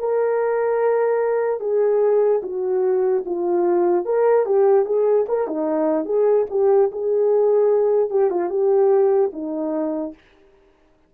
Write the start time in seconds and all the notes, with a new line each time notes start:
0.00 A#4
1.61 G#4
2.43 F#4
3.26 F4
4.06 A#4
4.46 G4
4.86 G#4
5.29 A#4
5.48 D#4
6.06 G#4
6.51 G4
6.93 G#4
8.10 G4
8.31 F4
8.50 G4
9.33 D#4